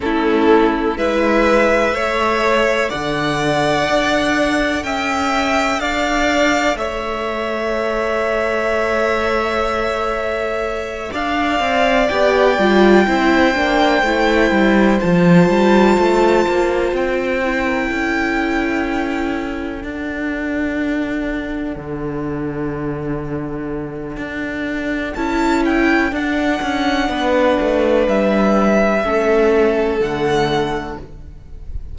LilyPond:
<<
  \new Staff \with { instrumentName = "violin" } { \time 4/4 \tempo 4 = 62 a'4 e''2 fis''4~ | fis''4 g''4 f''4 e''4~ | e''2.~ e''8 f''8~ | f''8 g''2. a''8~ |
a''4. g''2~ g''8~ | g''8 fis''2.~ fis''8~ | fis''2 a''8 g''8 fis''4~ | fis''4 e''2 fis''4 | }
  \new Staff \with { instrumentName = "violin" } { \time 4/4 e'4 b'4 cis''4 d''4~ | d''4 e''4 d''4 cis''4~ | cis''2.~ cis''8 d''8~ | d''4. c''2~ c''8~ |
c''2~ c''16 ais'16 a'4.~ | a'1~ | a'1 | b'2 a'2 | }
  \new Staff \with { instrumentName = "viola" } { \time 4/4 cis'4 e'4 a'2~ | a'1~ | a'1~ | a'8 g'8 f'8 e'8 d'8 e'4 f'8~ |
f'2 e'2~ | e'8 d'2.~ d'8~ | d'2 e'4 d'4~ | d'2 cis'4 a4 | }
  \new Staff \with { instrumentName = "cello" } { \time 4/4 a4 gis4 a4 d4 | d'4 cis'4 d'4 a4~ | a2.~ a8 d'8 | c'8 b8 g8 c'8 ais8 a8 g8 f8 |
g8 a8 ais8 c'4 cis'4.~ | cis'8 d'2 d4.~ | d4 d'4 cis'4 d'8 cis'8 | b8 a8 g4 a4 d4 | }
>>